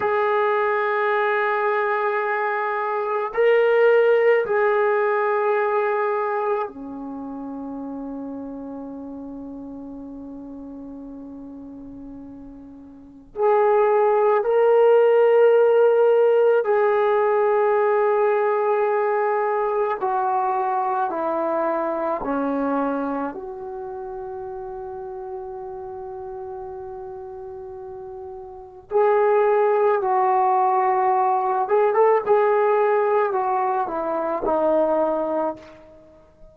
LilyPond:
\new Staff \with { instrumentName = "trombone" } { \time 4/4 \tempo 4 = 54 gis'2. ais'4 | gis'2 cis'2~ | cis'1 | gis'4 ais'2 gis'4~ |
gis'2 fis'4 e'4 | cis'4 fis'2.~ | fis'2 gis'4 fis'4~ | fis'8 gis'16 a'16 gis'4 fis'8 e'8 dis'4 | }